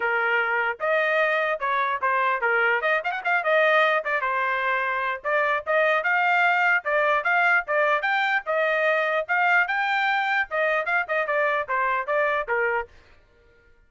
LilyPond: \new Staff \with { instrumentName = "trumpet" } { \time 4/4 \tempo 4 = 149 ais'2 dis''2 | cis''4 c''4 ais'4 dis''8 f''16 fis''16 | f''8 dis''4. d''8 c''4.~ | c''4 d''4 dis''4 f''4~ |
f''4 d''4 f''4 d''4 | g''4 dis''2 f''4 | g''2 dis''4 f''8 dis''8 | d''4 c''4 d''4 ais'4 | }